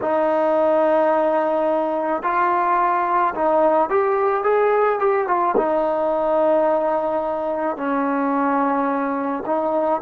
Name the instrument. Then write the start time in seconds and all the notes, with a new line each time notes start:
trombone
0.02 D#4
2.22 F4
3.34 D#4
3.89 G4
4.43 G#4
4.99 G4
5.27 F4
5.57 D#4
7.76 C#4
9.45 D#4